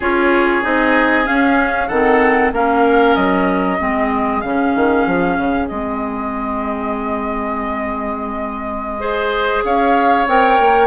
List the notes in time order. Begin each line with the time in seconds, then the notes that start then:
0.00 C#4 F4 G#4 C#5
0.62 C4 D#4 D#5
1.24 C#4 F5
1.87 D#3 C4 A4 F#5
2.51 A#3 C#4 A#4 F5
3.14 F#3 D#5
3.79 G#3 C4 G#4
4.41 C#3 C#4 F5
4.75 D#3
5.06 F3
5.37 C#3
5.68 G#3 C4 D#5
8.99 G#4 C5
9.63 C#4 C#5 F5
10.26 C4 A#4 G5
10.59 A#3